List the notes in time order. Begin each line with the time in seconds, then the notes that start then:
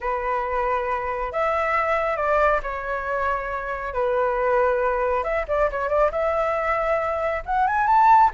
0.00 B4
1.32 E5
2.16 D5
2.63 C#5
3.93 B4
5.23 E5
5.47 D5
5.70 C#5
5.88 D5
6.11 E5
7.45 F#5
7.67 G#5
7.86 A5